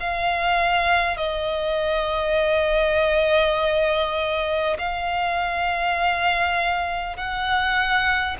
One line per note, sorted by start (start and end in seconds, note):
0.00 1.17 F5
1.17 4.77 D#5
4.78 7.16 F5
7.16 8.36 F#5